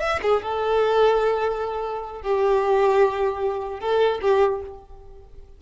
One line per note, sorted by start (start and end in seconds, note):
0.00 0.20 E5
0.23 0.43 G#4
0.43 2.22 A4
2.22 3.80 G4
3.80 4.20 A4
4.22 4.62 G4